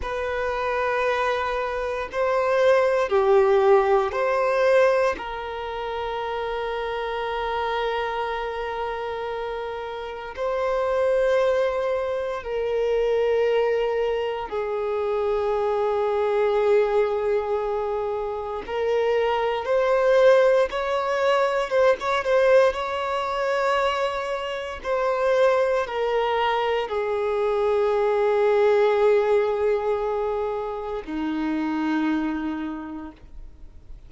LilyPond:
\new Staff \with { instrumentName = "violin" } { \time 4/4 \tempo 4 = 58 b'2 c''4 g'4 | c''4 ais'2.~ | ais'2 c''2 | ais'2 gis'2~ |
gis'2 ais'4 c''4 | cis''4 c''16 cis''16 c''8 cis''2 | c''4 ais'4 gis'2~ | gis'2 dis'2 | }